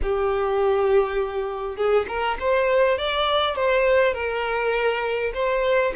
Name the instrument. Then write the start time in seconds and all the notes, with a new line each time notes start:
violin
0.02 G4
1.76 G#4
2.08 A#4
2.39 C5
2.98 D5
3.55 C5
4.13 A#4
5.34 C5